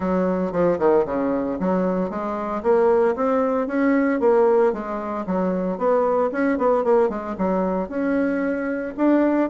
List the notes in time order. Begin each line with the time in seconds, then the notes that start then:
0.00 F#3
0.51 F3
0.78 D#3
1.05 C#3
1.59 F#3
2.10 G#3
2.62 A#3
3.15 C4
3.67 C#4
4.20 A#3
4.72 G#3
5.26 F#3
5.78 B3
6.32 C#4
6.58 B3
6.84 A#3
7.09 G#3
7.38 F#3
7.88 C#4
8.97 D4